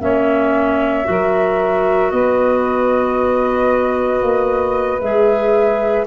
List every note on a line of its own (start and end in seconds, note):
0.00 1.06 A#3
0.00 1.04 C#4
0.00 1.07 C#5
0.00 2.11 E5
1.04 2.12 F#3
1.04 4.99 F#4
1.04 2.12 A#4
2.11 4.22 B3
2.11 6.07 B4
2.11 5.00 D#5
4.22 5.01 A#3
5.00 6.07 G#3
5.00 6.07 G#4
5.00 6.06 E5